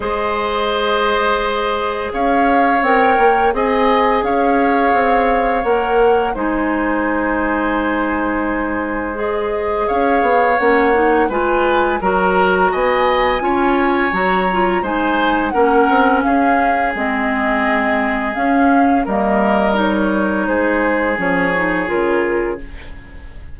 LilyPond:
<<
  \new Staff \with { instrumentName = "flute" } { \time 4/4 \tempo 4 = 85 dis''2. f''4 | g''4 gis''4 f''2 | fis''4 gis''2.~ | gis''4 dis''4 f''4 fis''4 |
gis''4 ais''4 gis''2 | ais''4 gis''4 fis''4 f''4 | dis''2 f''4 dis''4 | cis''4 c''4 cis''4 ais'4 | }
  \new Staff \with { instrumentName = "oboe" } { \time 4/4 c''2. cis''4~ | cis''4 dis''4 cis''2~ | cis''4 c''2.~ | c''2 cis''2 |
b'4 ais'4 dis''4 cis''4~ | cis''4 c''4 ais'4 gis'4~ | gis'2. ais'4~ | ais'4 gis'2. | }
  \new Staff \with { instrumentName = "clarinet" } { \time 4/4 gis'1 | ais'4 gis'2. | ais'4 dis'2.~ | dis'4 gis'2 cis'8 dis'8 |
f'4 fis'2 f'4 | fis'8 f'8 dis'4 cis'2 | c'2 cis'4 ais4 | dis'2 cis'8 dis'8 f'4 | }
  \new Staff \with { instrumentName = "bassoon" } { \time 4/4 gis2. cis'4 | c'8 ais8 c'4 cis'4 c'4 | ais4 gis2.~ | gis2 cis'8 b8 ais4 |
gis4 fis4 b4 cis'4 | fis4 gis4 ais8 c'8 cis'4 | gis2 cis'4 g4~ | g4 gis4 f4 cis4 | }
>>